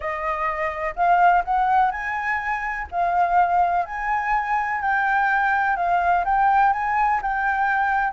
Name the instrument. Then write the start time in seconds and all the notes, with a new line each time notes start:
flute
0.00 D#5
0.95 F5
1.44 F#5
1.91 G#5
2.91 F5
3.85 G#5
4.81 G5
5.76 F5
6.24 G5
6.72 G#5
7.22 G5